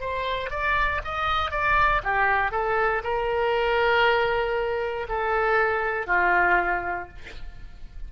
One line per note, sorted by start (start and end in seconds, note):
0.00 0.50 C5
0.50 1.01 D5
1.04 1.51 D#5
1.51 2.02 D5
2.03 2.51 G4
2.51 3.02 A4
3.03 5.07 A#4
5.08 6.06 A4
6.06 7.08 F4